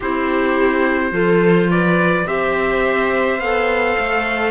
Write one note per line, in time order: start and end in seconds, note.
0.00 1.11 C4
0.00 1.12 E4
0.00 1.12 G4
0.00 1.70 C5
1.11 2.25 F3
1.11 2.25 F4
1.11 1.69 A4
1.70 2.26 B4
1.70 2.27 D5
2.25 3.38 C4
2.25 3.39 G4
2.25 4.51 C5
2.25 3.40 E5
3.38 3.95 B3
3.38 4.51 A4
3.38 4.51 F5
3.98 4.51 A3